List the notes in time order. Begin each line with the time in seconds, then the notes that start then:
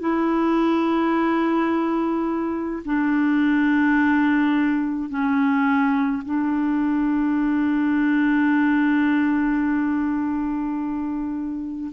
0.00 E4
2.85 D4
5.09 C#4
6.25 D4